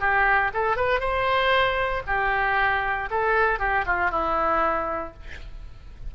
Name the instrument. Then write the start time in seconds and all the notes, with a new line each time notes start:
oboe
0.00 G4
0.54 A4
0.77 B4
1.00 C5
2.07 G4
3.11 A4
3.59 G4
3.86 F4
4.11 E4